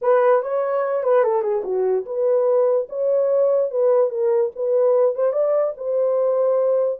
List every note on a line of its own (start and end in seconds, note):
0.01 0.42 B4
0.42 1.03 C#5
1.03 1.23 B4
1.23 1.42 A4
1.42 1.62 G#4
1.63 2.05 F#4
2.05 2.87 B4
2.89 3.70 C#5
3.70 4.09 B4
4.09 4.51 A#4
4.55 5.15 B4
5.15 5.32 C5
5.32 5.73 D5
5.76 6.99 C5